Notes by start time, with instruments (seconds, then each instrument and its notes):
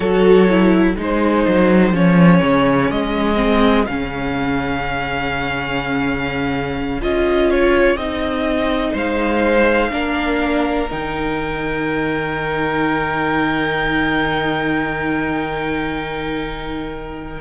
0.00 cello F#3, viola F#4, violin A4 C#5
0.49 viola E4
0.96 cello G#3, viola D#4, violin G#4 C5
1.47 cello F#3
1.92 cello F3, viola C#4, violin C#5
2.42 cello C#3
2.90 cello G#3, violin D#5
3.35 viola C4
3.86 cello C#3, viola C#4, violin F5
7.01 cello C#4, viola F4, violin D#5
7.50 violin C#5
7.96 cello C4, viola D#4, violin D#5
8.92 cello G#3, violin C5 F5
9.91 cello A#3, viola D4, violin A#4
10.90 cello D#3, viola D#4, violin G5